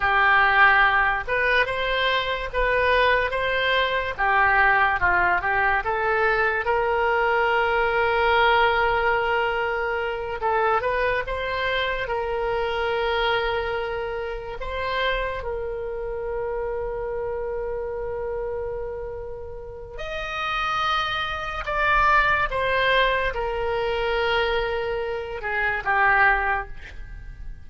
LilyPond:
\new Staff \with { instrumentName = "oboe" } { \time 4/4 \tempo 4 = 72 g'4. b'8 c''4 b'4 | c''4 g'4 f'8 g'8 a'4 | ais'1~ | ais'8 a'8 b'8 c''4 ais'4.~ |
ais'4. c''4 ais'4.~ | ais'1 | dis''2 d''4 c''4 | ais'2~ ais'8 gis'8 g'4 | }